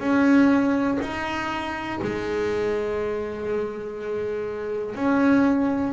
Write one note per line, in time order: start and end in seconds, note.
0.00 0.98 C#4
1.02 2.00 D#4
2.02 4.95 G#3
4.95 5.93 C#4